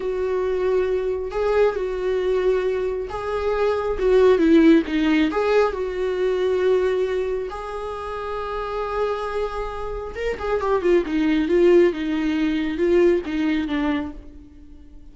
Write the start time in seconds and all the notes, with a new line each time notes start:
0.00 F#4
1.31 G#4
1.75 F#4
3.09 G#4
3.98 F#4
4.38 E4
4.86 D#4
5.31 G#4
5.72 F#4
7.50 G#4
10.15 A#4
10.39 G#4
10.60 G4
10.81 F4
11.06 D#4
11.48 F4
11.92 D#4
12.77 F4
13.25 D#4
13.67 D4